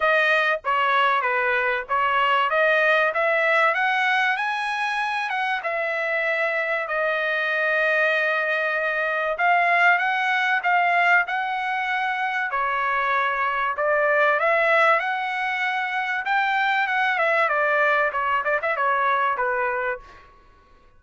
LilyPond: \new Staff \with { instrumentName = "trumpet" } { \time 4/4 \tempo 4 = 96 dis''4 cis''4 b'4 cis''4 | dis''4 e''4 fis''4 gis''4~ | gis''8 fis''8 e''2 dis''4~ | dis''2. f''4 |
fis''4 f''4 fis''2 | cis''2 d''4 e''4 | fis''2 g''4 fis''8 e''8 | d''4 cis''8 d''16 e''16 cis''4 b'4 | }